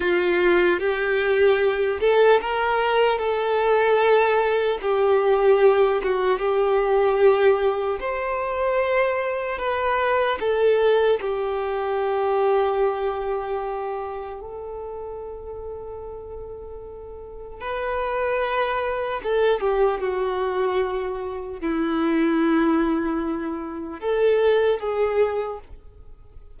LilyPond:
\new Staff \with { instrumentName = "violin" } { \time 4/4 \tempo 4 = 75 f'4 g'4. a'8 ais'4 | a'2 g'4. fis'8 | g'2 c''2 | b'4 a'4 g'2~ |
g'2 a'2~ | a'2 b'2 | a'8 g'8 fis'2 e'4~ | e'2 a'4 gis'4 | }